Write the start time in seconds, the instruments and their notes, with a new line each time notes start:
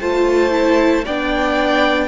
0.00 cello A3, viola F4, violin C5 A5
0.51 viola E4
1.05 cello B3, viola D4, violin D5 G5